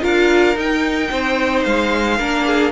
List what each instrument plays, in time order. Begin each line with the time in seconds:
0.00 cello D4, viola F4, violin A#4 F5
0.55 viola D#4, cello D#4, violin G5
1.10 cello C4, violin C5
1.63 cello G#3, violin F5
2.17 cello A#3, viola D4, violin A#4
2.46 violin G#4